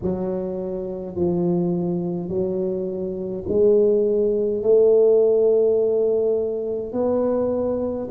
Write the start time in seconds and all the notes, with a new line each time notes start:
0.02 F#3
1.15 F3
2.28 F#3
3.48 G#3
4.63 A3
6.92 B3